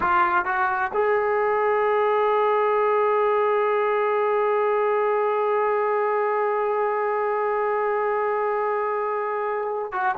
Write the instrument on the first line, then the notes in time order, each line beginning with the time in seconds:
trombone
0.00 F4
0.45 F#4
0.93 G#4
9.92 F#4